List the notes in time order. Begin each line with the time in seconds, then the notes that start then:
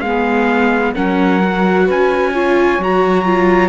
0.00 G#3 B3 G#4 F5
0.93 F#3 C#4 A#4 F#5
1.43 F#4
1.85 C#4 B4 G#5
2.32 F4 C#5
2.79 F#3 F#4 A#5
3.25 F4